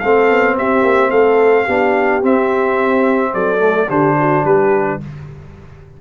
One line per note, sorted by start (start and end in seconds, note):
0.00 0.30 A3
0.00 1.69 C4
0.00 0.57 A4
0.00 0.56 F5
0.30 0.58 B3
0.58 0.83 C4
0.58 1.11 G4
0.58 1.11 E5
0.83 1.11 A#3
1.11 1.67 A3
1.11 1.65 A4
1.11 2.22 F5
1.65 2.24 B3
1.65 2.22 D4
1.65 3.31 G4
2.22 3.59 C4
2.22 3.35 C4
2.22 3.34 E5
3.34 3.89 F#3
3.34 3.89 A4
3.34 3.90 D5
3.59 3.87 A3
3.89 4.45 D3
3.89 5.01 D4
3.89 4.17 G4
3.89 4.45 C5
4.20 4.46 F#4
4.45 5.00 G3
4.45 5.01 G4
4.45 5.01 B4